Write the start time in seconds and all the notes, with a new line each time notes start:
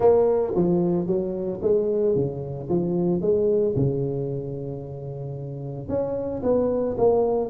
0.00 A#3
0.55 F3
1.06 F#3
1.62 G#3
2.15 C#3
2.69 F3
3.21 G#3
3.76 C#3
5.88 C#4
6.43 B3
6.97 A#3